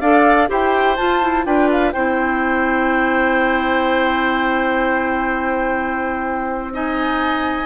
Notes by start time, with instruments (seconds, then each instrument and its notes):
0.00 bassoon D4, clarinet A4, oboe D5, flute F5
0.48 bassoon E4, clarinet G4, oboe C5, flute G5
0.96 clarinet F4, bassoon F4, flute A5
1.21 clarinet E4
1.45 bassoon D4, clarinet F4, oboe B4, flute G5
1.71 flute F5
1.92 bassoon C4, clarinet E4, oboe C5, flute G5
6.73 clarinet D#4, oboe D#5, flute G#5